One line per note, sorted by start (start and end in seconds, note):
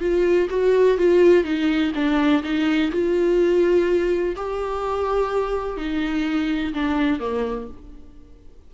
0.00 0.48 F4
0.50 0.97 F#4
0.97 1.44 F4
1.44 1.92 D#4
1.95 2.43 D4
2.43 2.91 D#4
2.91 4.35 F4
4.36 5.77 G4
5.77 6.73 D#4
6.74 7.20 D4
7.20 7.68 A#3